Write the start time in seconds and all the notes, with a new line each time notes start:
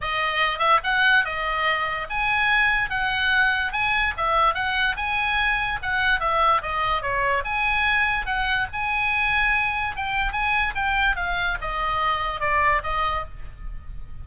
0.01 D#5
0.58 E5
0.83 F#5
1.25 D#5
2.09 G#5
2.90 F#5
3.72 G#5
4.17 E5
4.54 F#5
4.96 G#5
5.82 F#5
6.20 E5
6.62 D#5
7.02 C#5
7.44 G#5
8.26 F#5
8.72 G#5
9.96 G5
10.32 G#5
10.75 G5
11.16 F5
11.61 D#5
12.40 D5
12.83 D#5